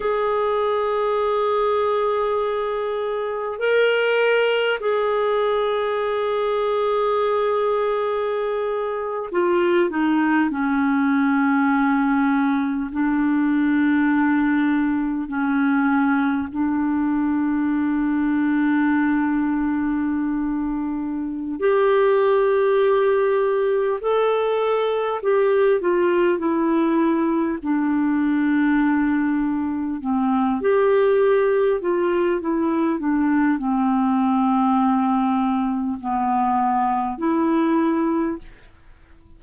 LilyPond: \new Staff \with { instrumentName = "clarinet" } { \time 4/4 \tempo 4 = 50 gis'2. ais'4 | gis'2.~ gis'8. f'16~ | f'16 dis'8 cis'2 d'4~ d'16~ | d'8. cis'4 d'2~ d'16~ |
d'2 g'2 | a'4 g'8 f'8 e'4 d'4~ | d'4 c'8 g'4 f'8 e'8 d'8 | c'2 b4 e'4 | }